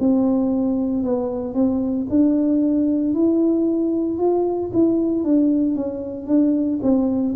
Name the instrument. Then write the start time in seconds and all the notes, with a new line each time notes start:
tuba
0.00 C4
1.03 B3
1.55 C4
2.10 D4
3.14 E4
4.19 F4
4.74 E4
5.24 D4
5.76 C#4
6.27 D4
6.83 C4